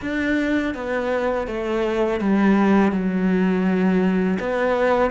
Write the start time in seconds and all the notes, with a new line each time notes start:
0.01 D4
0.74 B3
1.47 A3
2.20 G3
2.92 F#3
4.39 B3